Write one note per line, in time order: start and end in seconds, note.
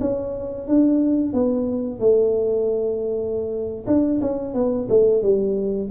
0.00 0.67 C#4
0.67 1.33 D4
1.33 1.99 B3
1.99 3.85 A3
3.87 4.20 D4
4.21 4.54 C#4
4.54 4.88 B3
4.89 5.22 A3
5.22 5.90 G3